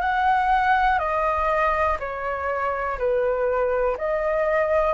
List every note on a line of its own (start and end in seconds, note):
0.00 0.98 F#5
0.99 1.97 D#5
1.99 2.98 C#5
2.98 3.97 B4
3.97 4.93 D#5